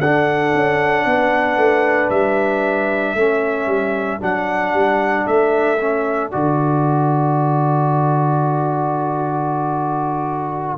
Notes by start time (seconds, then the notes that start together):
0.00 D4 A4 F#5
0.54 C#4
1.05 B3 B4
1.57 A3
2.10 G3 E5
3.14 A3 C#4 A4
3.66 G3
4.20 F#3 D4 F#5
4.73 G3
5.27 A3 E5
5.80 C#4
6.31 D3 F#4 D5